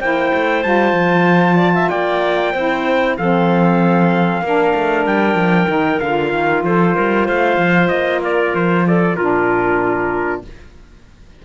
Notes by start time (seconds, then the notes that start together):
0.00 A#3 E4 C5 G5
0.34 A3
0.63 G3 F4 A5
0.92 F3
1.56 D5
1.74 E5
1.89 A#3 D5 G5
2.53 C4 E4 C5
3.17 F3 C4 A4 F5
4.42 A#3 D4 A#4
4.75 A3
5.06 G3 G5
5.35 F3
5.68 D#3 D#4
6.00 D3 F4 F5
6.33 D#3
6.63 F3 A4 C5
6.95 G3 A#4
7.26 A3 C5 F5
7.57 F3
7.88 A#3 D#5
8.22 A#4 D5
8.54 F3 C5
8.87 A4 D5
9.16 A#2 D4 F4 A#4